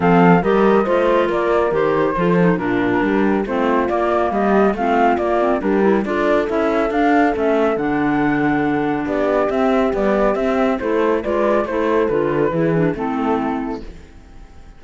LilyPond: <<
  \new Staff \with { instrumentName = "flute" } { \time 4/4 \tempo 4 = 139 f''4 dis''2 d''4 | c''2 ais'2 | c''4 d''4 dis''4 f''4 | d''4 ais'4 d''4 e''4 |
f''4 e''4 fis''2~ | fis''4 d''4 e''4 d''4 | e''4 c''4 d''4 c''4 | b'2 a'2 | }
  \new Staff \with { instrumentName = "horn" } { \time 4/4 a'4 ais'4 c''4 ais'4~ | ais'4 a'4 f'4 g'4 | f'2 g'4 f'4~ | f'4 g'4 a'2~ |
a'1~ | a'4 g'2.~ | g'4 a'4 b'4 a'4~ | a'4 gis'4 e'2 | }
  \new Staff \with { instrumentName = "clarinet" } { \time 4/4 c'4 g'4 f'2 | g'4 f'8 dis'8 d'2 | c'4 ais2 c'4 | ais8 c'8 d'8 e'8 f'4 e'4 |
d'4 cis'4 d'2~ | d'2 c'4 g4 | c'4 e'4 f'4 e'4 | f'4 e'8 d'8 c'2 | }
  \new Staff \with { instrumentName = "cello" } { \time 4/4 f4 g4 a4 ais4 | dis4 f4 ais,4 g4 | a4 ais4 g4 a4 | ais4 g4 d'4 cis'4 |
d'4 a4 d2~ | d4 b4 c'4 b4 | c'4 a4 gis4 a4 | d4 e4 a2 | }
>>